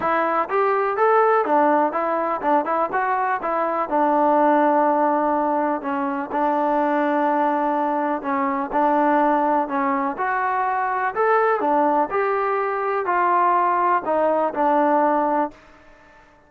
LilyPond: \new Staff \with { instrumentName = "trombone" } { \time 4/4 \tempo 4 = 124 e'4 g'4 a'4 d'4 | e'4 d'8 e'8 fis'4 e'4 | d'1 | cis'4 d'2.~ |
d'4 cis'4 d'2 | cis'4 fis'2 a'4 | d'4 g'2 f'4~ | f'4 dis'4 d'2 | }